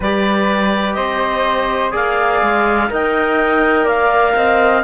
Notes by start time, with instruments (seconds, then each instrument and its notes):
0.00 cello G3, trombone G4, flute B4, clarinet D5
0.94 cello C4, flute C5, clarinet D#5
1.91 cello A#3, trombone G#4, flute D5, clarinet F5
2.41 cello G#3
2.89 cello D#4, trombone A#4, flute D#5, clarinet G5
3.84 cello A#3, flute D5, clarinet F5
4.35 cello C4, flute D#5